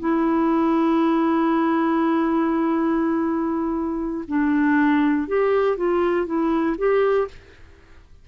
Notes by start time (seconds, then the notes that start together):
0.00 E4
4.28 D4
5.28 G4
5.78 F4
6.27 E4
6.78 G4